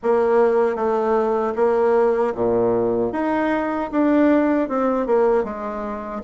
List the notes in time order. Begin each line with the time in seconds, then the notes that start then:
0.02 A#3
0.75 A3
1.55 A#3
2.34 A#2
3.12 D#4
3.91 D4
4.68 C4
5.06 A#3
5.44 G#3